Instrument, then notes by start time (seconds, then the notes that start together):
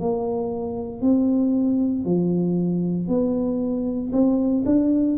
tuba
0.00 A#3
1.02 C4
2.05 F3
3.08 B3
4.13 C4
4.66 D4